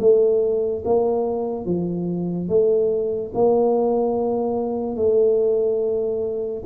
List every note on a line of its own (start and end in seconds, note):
0.00 0.83 A3
0.85 1.66 A#3
1.66 2.49 F3
2.49 3.32 A3
3.34 4.97 A#3
4.97 6.63 A3